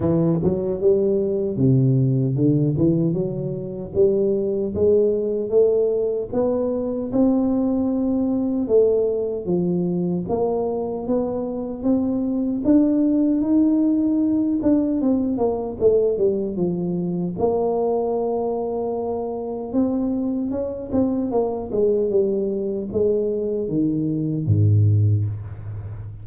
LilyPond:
\new Staff \with { instrumentName = "tuba" } { \time 4/4 \tempo 4 = 76 e8 fis8 g4 c4 d8 e8 | fis4 g4 gis4 a4 | b4 c'2 a4 | f4 ais4 b4 c'4 |
d'4 dis'4. d'8 c'8 ais8 | a8 g8 f4 ais2~ | ais4 c'4 cis'8 c'8 ais8 gis8 | g4 gis4 dis4 gis,4 | }